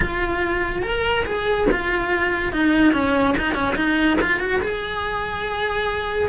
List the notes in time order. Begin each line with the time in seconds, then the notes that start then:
0.00 F4
0.82 A#4
1.25 G#4
1.71 F4
2.52 D#4
2.93 C#4
3.38 D#4
3.54 C#4
3.75 D#4
4.21 F4
4.39 F#4
4.61 G#4